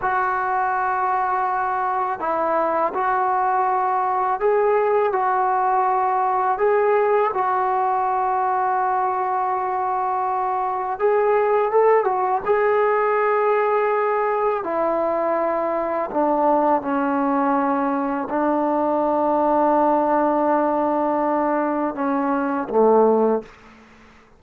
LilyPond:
\new Staff \with { instrumentName = "trombone" } { \time 4/4 \tempo 4 = 82 fis'2. e'4 | fis'2 gis'4 fis'4~ | fis'4 gis'4 fis'2~ | fis'2. gis'4 |
a'8 fis'8 gis'2. | e'2 d'4 cis'4~ | cis'4 d'2.~ | d'2 cis'4 a4 | }